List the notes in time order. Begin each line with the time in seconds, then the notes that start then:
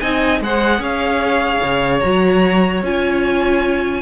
0.00 C4 D#4 D#5 G#5
0.41 G#3 G#4 C5 F#5
0.79 C#4 C#5 F5
1.64 C#3
2.01 F#3 F#4 A#5
2.83 C#4 F4 G#5